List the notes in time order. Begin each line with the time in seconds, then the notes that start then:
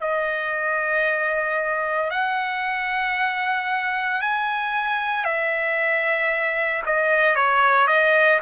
0.00 D#5
2.10 F#5
4.21 G#5
5.24 E5
6.86 D#5
7.35 C#5
7.87 D#5